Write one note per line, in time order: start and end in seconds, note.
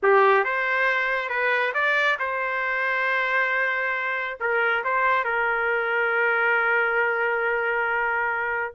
0.02 0.44 G4
0.44 1.29 C5
1.29 1.72 B4
1.74 2.18 D5
2.19 4.38 C5
4.39 4.83 A#4
4.84 5.24 C5
5.24 8.74 A#4